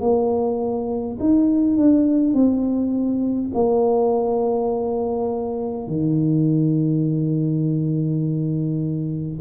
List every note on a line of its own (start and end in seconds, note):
0.00 1.18 A#3
1.20 1.76 D#4
1.76 2.34 D4
2.34 3.51 C4
3.54 5.87 A#3
5.87 9.40 D#3